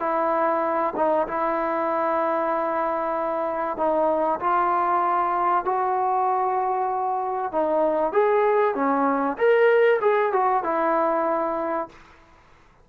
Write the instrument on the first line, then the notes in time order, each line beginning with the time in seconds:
trombone
0.00 E4
0.96 D#4
1.28 E4
3.77 D#4
4.40 F4
5.65 F#4
7.52 D#4
8.12 G#4
8.75 C#4
9.38 A#4
10.01 G#4
10.32 F#4
10.64 E4